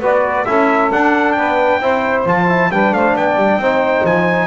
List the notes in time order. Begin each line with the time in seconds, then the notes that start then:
0.00 B3 F#4 B4 D5
0.45 C#4 E4 A4 E5
0.91 D4 F#5
1.32 B3 B4 G5
1.80 C4 E4 C5
2.26 F3 F4 A5
2.48 E4
2.69 G3 D4 B4 G5
2.92 A3 C5 F5
3.14 B3 D5 G5
3.36 G3
3.57 C4 D#4 C5
4.04 F3 G#5